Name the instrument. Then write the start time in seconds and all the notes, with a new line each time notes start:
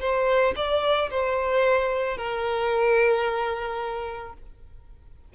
violin
0.00 C5
0.56 D5
1.10 C5
2.17 A#4